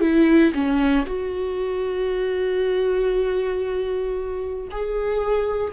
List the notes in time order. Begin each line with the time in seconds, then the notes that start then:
0.00 E4
0.54 C#4
1.06 F#4
4.71 G#4